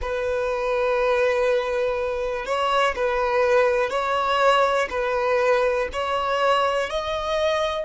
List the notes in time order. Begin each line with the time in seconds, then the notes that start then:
0.01 B4
2.45 C#5
2.95 B4
3.90 C#5
4.90 B4
5.92 C#5
6.89 D#5